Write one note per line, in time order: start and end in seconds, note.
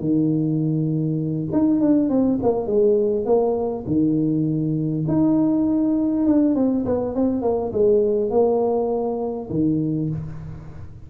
0.00 1.49 D#3
1.52 1.81 D#4
1.81 2.09 D4
2.09 2.39 C4
2.42 2.67 A#3
2.67 3.25 G#3
3.25 3.85 A#3
3.87 5.05 D#3
5.08 6.26 D#4
6.26 6.55 D4
6.55 6.85 C4
6.86 7.15 B3
7.15 7.42 C4
7.42 7.72 A#3
7.73 8.30 G#3
8.30 9.49 A#3
9.50 10.09 D#3